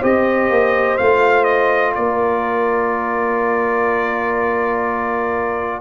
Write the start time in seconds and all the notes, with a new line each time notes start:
0.00 C4 G4 C5 D#5
0.50 A#3
0.98 A3 F4 F5
1.45 D#5
1.95 A#3 A#4 D5